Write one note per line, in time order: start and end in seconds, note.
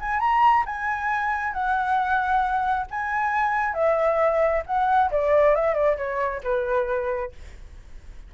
0.00 0.20 G#5
0.20 0.64 A#5
0.66 1.53 G#5
1.53 2.86 F#5
2.90 3.74 G#5
3.74 4.62 E5
4.66 5.10 F#5
5.11 5.55 D5
5.55 5.74 E5
5.74 5.96 D5
5.97 6.41 C#5
6.43 7.32 B4